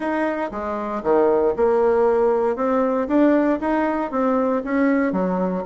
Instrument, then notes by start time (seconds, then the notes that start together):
bassoon
0.00 D#4
0.51 G#3
1.03 D#3
1.56 A#3
2.55 C4
3.07 D4
3.60 D#4
4.11 C4
4.64 C#4
5.12 F#3